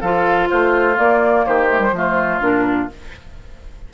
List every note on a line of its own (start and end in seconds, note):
0.00 0.49 F3
0.00 0.95 F4
0.00 0.48 A4
0.00 0.49 F5
0.49 0.98 A3
0.49 1.45 F4
0.49 0.97 C5
0.95 1.67 A#3
0.95 1.46 A#3
0.95 1.45 D5
1.46 1.91 D#3
1.46 1.94 G4
1.46 2.41 C5
1.69 1.78 A3
1.78 1.90 G3
1.91 2.39 F3
1.91 2.40 A3
1.91 2.93 F4
2.40 2.88 A#2
2.40 2.88 D4
2.40 2.89 A#4